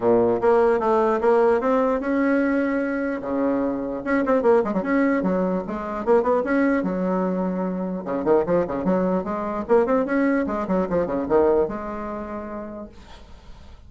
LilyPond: \new Staff \with { instrumentName = "bassoon" } { \time 4/4 \tempo 4 = 149 ais,4 ais4 a4 ais4 | c'4 cis'2. | cis2 cis'8 c'8 ais8 gis16 fis16 | cis'4 fis4 gis4 ais8 b8 |
cis'4 fis2. | cis8 dis8 f8 cis8 fis4 gis4 | ais8 c'8 cis'4 gis8 fis8 f8 cis8 | dis4 gis2. | }